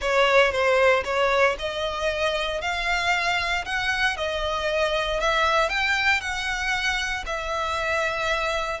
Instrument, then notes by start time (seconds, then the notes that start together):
violin
0.01 C#5
0.51 C5
1.04 C#5
1.58 D#5
2.61 F5
3.65 F#5
4.16 D#5
5.20 E5
5.69 G5
6.21 F#5
7.26 E5